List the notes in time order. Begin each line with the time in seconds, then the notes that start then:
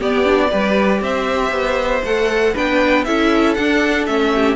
0.00 B3 G4 D5
0.24 D4
0.50 G3 G4 B4
1.01 C4 C5 E5
1.51 B3
2.03 A3 A4 F#5
2.53 B3 D4 B4 G5
3.04 C#4 E4 A4 E5
3.54 D4 F#5
4.06 A3 C#4 E5
4.34 G4